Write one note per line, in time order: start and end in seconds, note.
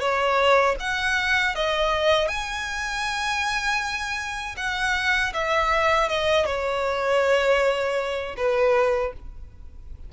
0.00 0.76 C#5
0.80 1.56 F#5
1.56 2.28 D#5
2.28 4.56 G#5
4.57 5.33 F#5
5.34 6.09 E5
6.09 6.46 D#5
6.46 8.36 C#5
8.37 9.13 B4